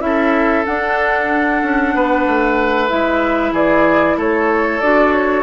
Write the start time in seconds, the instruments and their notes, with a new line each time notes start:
0.00 bassoon C#4, clarinet E4, oboe A4, flute E5
0.65 clarinet D4, bassoon D4, flute F#5
1.62 bassoon C#4
1.94 bassoon B3, oboe B4
2.26 bassoon A3
2.88 bassoon G#3, clarinet E4, flute E5
3.52 bassoon E3, oboe G#4, flute D5
4.17 bassoon A3, oboe A4, flute C#5
4.81 bassoon D4, clarinet F#4, flute D5
5.12 flute C#5